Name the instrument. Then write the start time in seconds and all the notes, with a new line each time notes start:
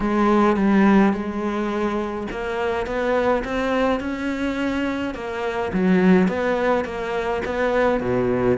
cello
0.00 G#3
0.56 G3
1.13 G#3
2.31 A#3
2.86 B3
3.44 C4
3.99 C#4
5.14 A#3
5.73 F#3
6.28 B3
6.84 A#3
7.45 B3
8.00 B2